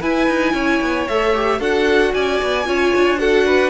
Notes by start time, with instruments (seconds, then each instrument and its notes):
0.00 cello E4, viola E4, violin B4 G#5
0.27 cello D#4
0.53 cello C#4, violin C#5
0.81 cello B3
1.07 cello A3, viola A4, violin E5
1.34 viola G4
1.58 cello D4, viola F#4, violin A4 F#5
2.13 cello C#4, violin D5 G#5
2.42 cello B3
2.65 cello C#4, viola F4, violin C#5
2.95 cello D4
3.18 viola F#4, violin A4 F#5
3.45 violin B4